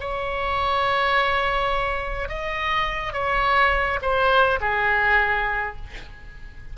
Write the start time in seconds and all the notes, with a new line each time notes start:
0.00 C#5
2.28 D#5
3.13 C#5
4.02 C5
4.60 G#4